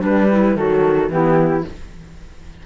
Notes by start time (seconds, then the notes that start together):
0.00 G3 D4 B4
0.31 E4
0.54 D#3 F#3 F#4 A4
1.10 E3 B3 E4 G4